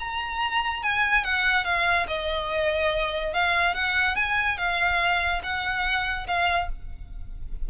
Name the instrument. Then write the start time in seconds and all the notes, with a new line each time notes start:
violin
0.00 A#5
0.83 G#5
1.24 F#5
1.65 F5
2.08 D#5
3.34 F5
3.74 F#5
4.16 G#5
4.58 F5
5.43 F#5
6.27 F5